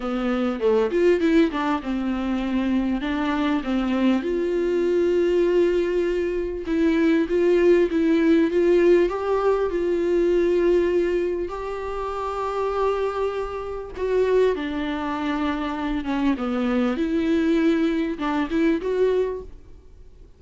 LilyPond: \new Staff \with { instrumentName = "viola" } { \time 4/4 \tempo 4 = 99 b4 a8 f'8 e'8 d'8 c'4~ | c'4 d'4 c'4 f'4~ | f'2. e'4 | f'4 e'4 f'4 g'4 |
f'2. g'4~ | g'2. fis'4 | d'2~ d'8 cis'8 b4 | e'2 d'8 e'8 fis'4 | }